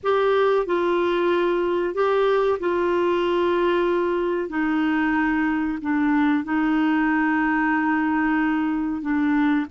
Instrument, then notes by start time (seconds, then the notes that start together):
clarinet
0.03 G4
0.65 F4
1.94 G4
2.59 F4
4.49 D#4
5.81 D4
6.43 D#4
9.01 D4